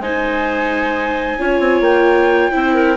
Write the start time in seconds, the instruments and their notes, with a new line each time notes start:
0.00 bassoon G#3, viola D#4, clarinet C5, flute G#5
1.39 bassoon C#4, viola F4, clarinet C#5
1.60 bassoon C4
1.81 bassoon A#3, flute G5
2.52 bassoon C4, viola E4, clarinet C5
2.75 clarinet A#4